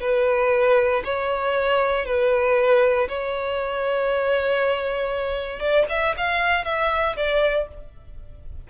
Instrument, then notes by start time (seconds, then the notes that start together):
violin
0.00 B4
1.04 C#5
2.05 B4
3.08 C#5
5.59 D5
5.89 E5
6.17 F5
6.64 E5
7.16 D5